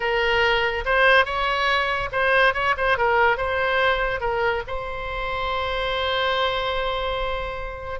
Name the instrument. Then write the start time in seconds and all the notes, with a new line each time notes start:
oboe
0.00 A#4
0.85 C5
1.25 C#5
2.12 C5
2.54 C#5
2.77 C5
2.97 A#4
3.37 C5
4.20 A#4
4.67 C5